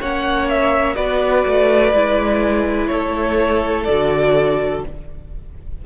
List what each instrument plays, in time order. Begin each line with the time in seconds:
0.00 cello A#3, viola C#4, violin C#5 F#5
0.49 violin E5
0.95 cello B3, viola F#4, violin B4 D5
1.47 cello A3
1.92 cello G#3, viola E4
2.87 cello A3, violin A4 C#5
3.84 cello D3, viola F#4, violin D5